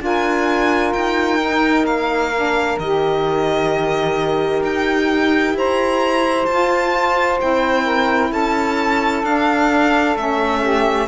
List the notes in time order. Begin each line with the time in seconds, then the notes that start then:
0.00 D4 F4 A#4 G#5
0.93 D#4 G5
1.39 D#4
1.84 A#3 F5
2.35 D4
2.79 D#3 G4 D#5
4.62 D#4 G5
5.54 E4 C5 A#5
6.46 F4 A5
7.39 C4 E4 G5
7.84 A#4
8.32 C#4 A4 A5
9.23 D4 F5
10.15 A3 C#4 E5
10.61 G4